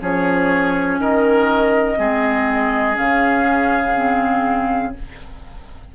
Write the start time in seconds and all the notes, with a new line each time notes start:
0.00 F3 C#4 G#4 C#5
0.99 D#3 A#4 D#5
1.97 G#3 C4 G#4
2.94 C#3 C#4 F5
3.95 C4